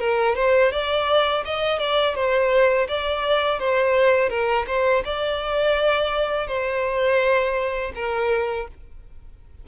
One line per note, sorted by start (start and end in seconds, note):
0.00 0.36 A#4
0.36 0.72 C5
0.72 1.45 D5
1.46 1.79 D#5
1.79 2.16 D5
2.16 2.88 C5
2.89 3.60 D5
3.60 4.30 C5
4.30 4.66 A#4
4.68 5.04 C5
5.05 6.48 D5
6.48 7.93 C5
7.96 8.68 A#4